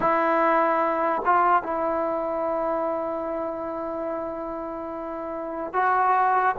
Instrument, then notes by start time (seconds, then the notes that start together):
trombone
0.00 E4
1.25 F4
1.63 E4
5.73 F#4